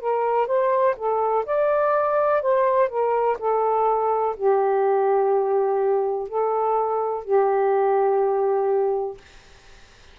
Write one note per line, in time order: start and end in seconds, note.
0.00 0.47 A#4
0.47 0.95 C5
0.97 1.45 A4
1.46 2.42 D5
2.42 2.89 C5
2.89 3.37 A#4
3.39 4.36 A4
4.37 6.29 G4
6.29 7.24 A4
7.24 9.18 G4